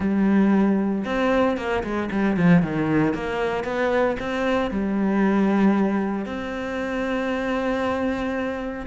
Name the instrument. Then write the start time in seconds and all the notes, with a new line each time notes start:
cello
0.00 G3
1.04 C4
1.57 A#3
1.83 G#3
2.11 G3
2.36 F3
2.62 D#3
3.14 A#3
3.64 B3
4.19 C4
4.71 G3
6.25 C4